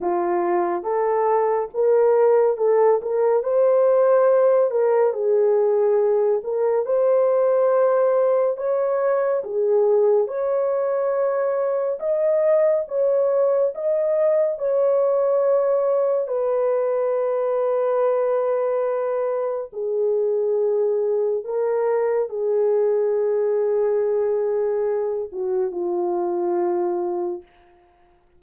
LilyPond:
\new Staff \with { instrumentName = "horn" } { \time 4/4 \tempo 4 = 70 f'4 a'4 ais'4 a'8 ais'8 | c''4. ais'8 gis'4. ais'8 | c''2 cis''4 gis'4 | cis''2 dis''4 cis''4 |
dis''4 cis''2 b'4~ | b'2. gis'4~ | gis'4 ais'4 gis'2~ | gis'4. fis'8 f'2 | }